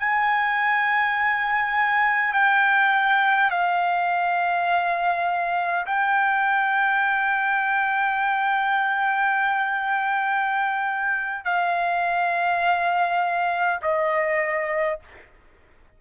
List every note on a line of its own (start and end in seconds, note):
0.00 2.34 G#5
2.34 3.51 G5
3.51 5.86 F5
5.87 11.45 G5
11.45 13.80 F5
13.82 15.00 D#5